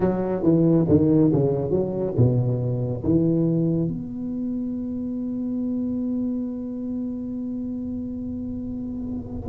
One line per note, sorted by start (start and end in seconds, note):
0.00 0.42 F#3
0.42 0.85 E3
0.88 1.31 D#3
1.33 1.70 C#3
1.70 2.13 F#3
2.16 3.03 B2
3.03 3.88 E3
3.88 9.49 B3